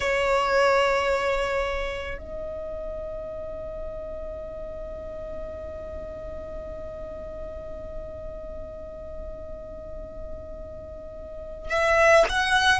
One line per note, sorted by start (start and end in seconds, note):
0.00 2.18 C#5
2.18 11.69 D#5
11.69 12.24 E5
12.29 12.79 F#5